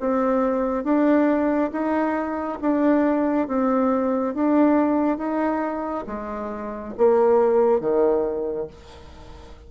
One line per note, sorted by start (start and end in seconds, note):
0.00 0.84 C4
0.84 1.71 D4
1.72 2.59 D#4
2.61 3.48 D4
3.48 4.35 C4
4.35 5.18 D4
5.18 6.05 D#4
6.07 6.94 G#3
6.98 7.81 A#3
7.81 8.68 D#3